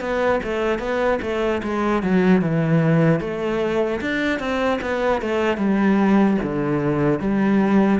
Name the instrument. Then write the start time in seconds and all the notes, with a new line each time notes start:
cello
0.00 B3
0.43 A3
0.79 B3
1.21 A3
1.63 G#3
2.03 F#3
2.41 E3
3.20 A3
4.01 D4
4.39 C4
4.81 B3
5.21 A3
5.57 G3
6.43 D3
7.19 G3